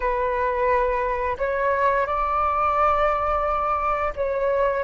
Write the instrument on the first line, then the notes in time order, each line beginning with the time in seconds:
flute
0.00 B4
1.38 C#5
2.06 D5
4.15 C#5